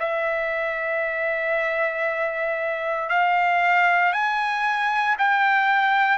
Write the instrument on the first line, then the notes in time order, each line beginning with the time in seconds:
trumpet
0.00 E5
3.09 F5
4.13 G#5
5.19 G5